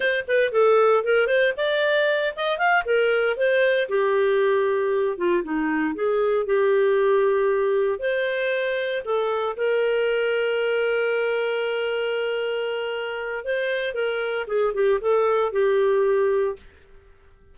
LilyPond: \new Staff \with { instrumentName = "clarinet" } { \time 4/4 \tempo 4 = 116 c''8 b'8 a'4 ais'8 c''8 d''4~ | d''8 dis''8 f''8 ais'4 c''4 g'8~ | g'2 f'8 dis'4 gis'8~ | gis'8 g'2. c''8~ |
c''4. a'4 ais'4.~ | ais'1~ | ais'2 c''4 ais'4 | gis'8 g'8 a'4 g'2 | }